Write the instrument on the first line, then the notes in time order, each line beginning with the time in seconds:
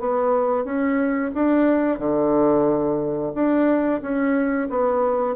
bassoon
0.00 B3
0.65 C#4
1.35 D4
1.99 D3
3.35 D4
4.02 C#4
4.70 B3